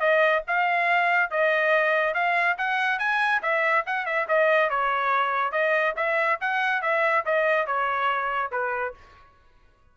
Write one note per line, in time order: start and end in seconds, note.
0.00 0.43 D#5
0.47 1.31 F5
1.31 2.14 D#5
2.14 2.57 F5
2.58 2.99 F#5
2.99 3.41 G#5
3.42 3.85 E5
3.86 4.06 F#5
4.06 4.27 E5
4.28 4.70 D#5
4.70 5.52 C#5
5.52 5.94 D#5
5.96 6.39 E5
6.41 6.82 F#5
6.82 7.25 E5
7.25 7.67 D#5
7.67 8.52 C#5
8.52 8.94 B4